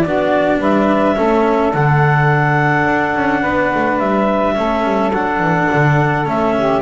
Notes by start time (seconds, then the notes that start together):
0.00 B3 D4 F#4 D5
0.58 G3 B4 E5
1.15 A3 C#4 A4
1.73 D3 D4 F#5
2.85 D4
3.15 C#4
3.41 B3 B4
3.74 A3
3.98 G3 E5
4.55 A3 C#4 A4
4.84 G3
5.11 F#3 D4 F#5
5.40 E3
5.73 D3
6.25 A3 C#4 E5
6.56 G4